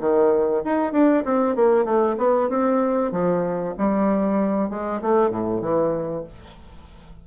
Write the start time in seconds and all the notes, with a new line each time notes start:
0.00 D#3
0.64 D#4
0.92 D4
1.25 C4
1.56 A#3
1.85 A3
2.18 B3
2.49 C4
3.12 F3
3.78 G3
4.70 G#3
5.02 A3
5.30 A2
5.61 E3